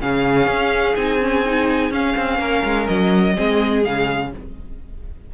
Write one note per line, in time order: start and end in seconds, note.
0.00 0.47 C#3
0.00 0.96 C#4
0.00 2.40 G#4
0.00 0.96 F5
0.47 0.95 C#4
0.96 1.91 C4
0.96 1.20 D#4
0.96 1.92 G#5
1.21 1.45 C#4
1.45 1.91 D#4
1.91 2.15 C#4
1.91 3.35 C#4
1.91 2.87 F5
2.17 2.39 C4
2.39 2.63 A#3
2.39 3.35 A#4
2.64 2.88 G#3
2.87 3.37 F#3
2.87 3.83 D#5
3.35 3.86 G#3
3.35 3.83 C4
3.35 4.31 G#4
3.83 4.34 C#3
3.83 4.31 G#3
3.83 4.32 F5